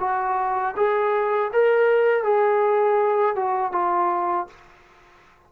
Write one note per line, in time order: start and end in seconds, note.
0.00 0.75 F#4
0.77 1.52 G#4
1.53 2.24 A#4
2.24 3.36 G#4
3.36 3.72 F#4
3.72 4.47 F4